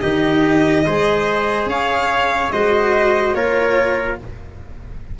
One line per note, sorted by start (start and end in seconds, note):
0.00 0.85 D#3
0.00 0.85 D#4
0.00 0.85 G4
0.00 1.67 D#5
0.86 1.65 G#3
0.86 2.53 G#4
0.86 1.69 C5
1.65 2.49 C#4
1.65 2.52 C#5
1.65 2.51 F5
2.51 3.34 G#3
2.51 3.35 F#4
2.51 3.36 C5
2.51 3.34 D#5
3.34 4.17 A#3
3.34 4.18 F4
3.34 4.19 A#4
3.34 4.18 C#5